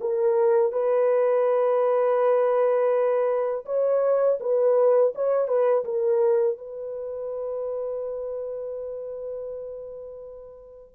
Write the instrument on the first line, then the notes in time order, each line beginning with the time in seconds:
horn
0.00 A#4
0.72 B4
3.65 C#5
4.40 B4
5.15 C#5
5.47 B4
5.84 A#4
6.58 B4